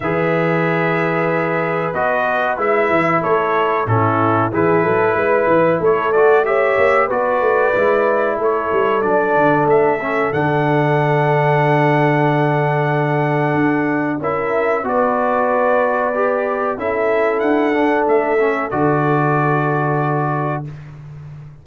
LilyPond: <<
  \new Staff \with { instrumentName = "trumpet" } { \time 4/4 \tempo 4 = 93 e''2. dis''4 | e''4 cis''4 a'4 b'4~ | b'4 cis''8 d''8 e''4 d''4~ | d''4 cis''4 d''4 e''4 |
fis''1~ | fis''2 e''4 d''4~ | d''2 e''4 fis''4 | e''4 d''2. | }
  \new Staff \with { instrumentName = "horn" } { \time 4/4 b'1~ | b'4 a'4 e'4 gis'8 a'8 | b'4 a'4 cis''4 b'4~ | b'4 a'2.~ |
a'1~ | a'2 ais'4 b'4~ | b'2 a'2~ | a'1 | }
  \new Staff \with { instrumentName = "trombone" } { \time 4/4 gis'2. fis'4 | e'2 cis'4 e'4~ | e'4. fis'8 g'4 fis'4 | e'2 d'4. cis'8 |
d'1~ | d'2 e'4 fis'4~ | fis'4 g'4 e'4. d'8~ | d'8 cis'8 fis'2. | }
  \new Staff \with { instrumentName = "tuba" } { \time 4/4 e2. b4 | gis8 e8 a4 a,4 e8 fis8 | gis8 e8 a4. ais8 b8 a8 | gis4 a8 g8 fis8 d8 a4 |
d1~ | d4 d'4 cis'4 b4~ | b2 cis'4 d'4 | a4 d2. | }
>>